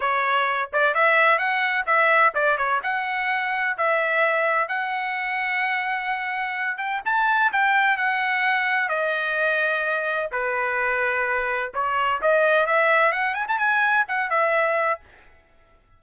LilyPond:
\new Staff \with { instrumentName = "trumpet" } { \time 4/4 \tempo 4 = 128 cis''4. d''8 e''4 fis''4 | e''4 d''8 cis''8 fis''2 | e''2 fis''2~ | fis''2~ fis''8 g''8 a''4 |
g''4 fis''2 dis''4~ | dis''2 b'2~ | b'4 cis''4 dis''4 e''4 | fis''8 gis''16 a''16 gis''4 fis''8 e''4. | }